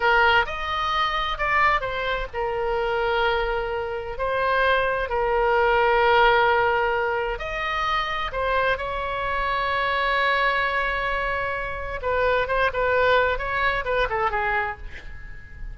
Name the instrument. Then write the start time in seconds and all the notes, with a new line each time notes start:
oboe
0.00 A#4
0.46 D#5
1.37 D5
1.80 C5
2.33 A#4
4.18 C5
5.09 A#4
7.38 D#5
8.32 C5
8.77 C#5
12.02 B4
12.47 C5
12.73 B4
13.38 C#5
13.84 B4
14.09 A4
14.31 G#4